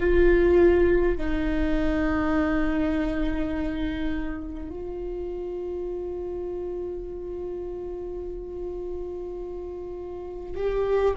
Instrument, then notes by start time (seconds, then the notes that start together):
viola
0.00 F4
1.18 D#4
4.71 F4
10.56 G4